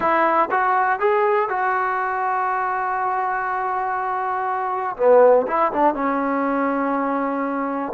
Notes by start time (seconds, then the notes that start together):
0.00 E4
0.50 F#4
0.99 G#4
1.49 F#4
4.96 B3
5.47 E4
5.72 D4
5.94 C#4